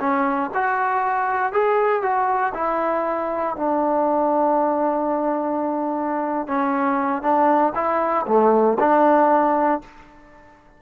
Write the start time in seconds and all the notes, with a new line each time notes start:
0.00 C#4
0.54 F#4
1.53 G#4
2.02 F#4
2.55 E4
3.56 D4
6.48 C#4
7.22 D4
7.75 E4
8.27 A3
8.80 D4